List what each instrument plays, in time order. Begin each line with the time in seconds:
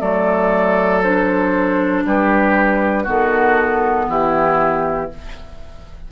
0.00 bassoon F#3, clarinet A3, oboe A4, flute D5
1.03 clarinet D4, flute C5
2.04 bassoon G3, oboe G4, flute B4
3.04 bassoon D#3, clarinet B3, oboe F#4, flute A4
4.08 bassoon E3, oboe E4, flute G4